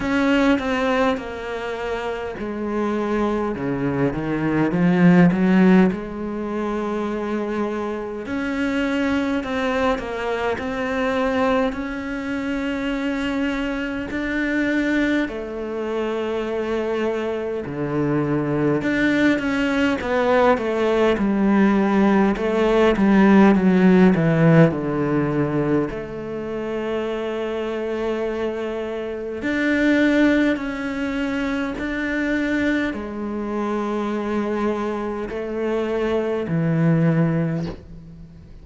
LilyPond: \new Staff \with { instrumentName = "cello" } { \time 4/4 \tempo 4 = 51 cis'8 c'8 ais4 gis4 cis8 dis8 | f8 fis8 gis2 cis'4 | c'8 ais8 c'4 cis'2 | d'4 a2 d4 |
d'8 cis'8 b8 a8 g4 a8 g8 | fis8 e8 d4 a2~ | a4 d'4 cis'4 d'4 | gis2 a4 e4 | }